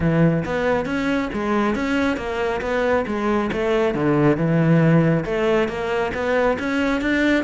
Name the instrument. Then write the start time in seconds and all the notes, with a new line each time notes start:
cello
0.00 E3
0.45 B3
0.85 C#4
1.33 G#3
1.75 C#4
2.16 A#3
2.61 B3
3.06 G#3
3.52 A3
3.94 D3
4.37 E3
5.25 A3
5.68 A#3
6.14 B3
6.59 C#4
7.01 D4